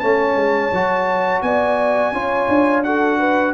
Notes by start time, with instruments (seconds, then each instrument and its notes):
0.00 tuba A3, trombone C#4, horn C#5, trumpet A5
0.35 tuba G#3
0.72 tuba F#3, trombone F#4
1.42 tuba B3, horn D5, trumpet G#5
2.12 tuba C#4, trombone F4, horn C#5
2.48 tuba D4
2.84 trombone F#4, horn A4, trumpet F#5
3.19 horn B4